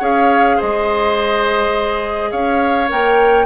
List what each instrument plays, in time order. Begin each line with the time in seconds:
0.00 bassoon C#4, clarinet G#4, oboe C#5, flute F5
0.57 bassoon G#3, oboe C5, flute D#5
2.31 bassoon C#4, oboe C#5, flute F5
2.89 bassoon A#3, clarinet A#4, flute G5